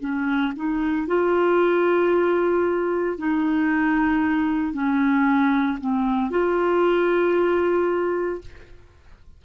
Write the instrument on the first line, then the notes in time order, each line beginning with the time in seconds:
clarinet
0.00 C#4
0.56 D#4
1.07 F4
3.18 D#4
4.73 C#4
5.80 C4
6.30 F4